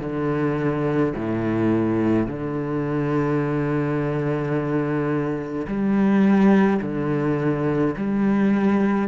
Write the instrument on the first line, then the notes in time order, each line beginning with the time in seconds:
cello
0.00 D3
1.15 A2
2.26 D3
5.68 G3
6.82 D3
7.97 G3